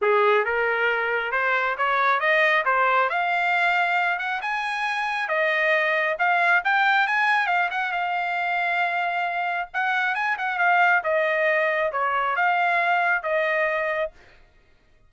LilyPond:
\new Staff \with { instrumentName = "trumpet" } { \time 4/4 \tempo 4 = 136 gis'4 ais'2 c''4 | cis''4 dis''4 c''4 f''4~ | f''4. fis''8 gis''2 | dis''2 f''4 g''4 |
gis''4 f''8 fis''8 f''2~ | f''2 fis''4 gis''8 fis''8 | f''4 dis''2 cis''4 | f''2 dis''2 | }